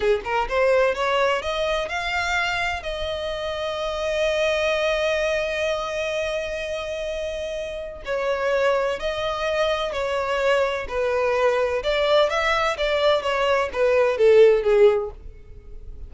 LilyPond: \new Staff \with { instrumentName = "violin" } { \time 4/4 \tempo 4 = 127 gis'8 ais'8 c''4 cis''4 dis''4 | f''2 dis''2~ | dis''1~ | dis''1~ |
dis''4 cis''2 dis''4~ | dis''4 cis''2 b'4~ | b'4 d''4 e''4 d''4 | cis''4 b'4 a'4 gis'4 | }